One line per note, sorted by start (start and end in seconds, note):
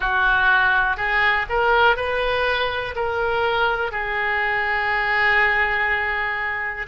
0.00 0.97 F#4
0.97 1.46 G#4
1.49 1.96 A#4
1.96 2.94 B4
2.95 3.91 A#4
3.91 6.86 G#4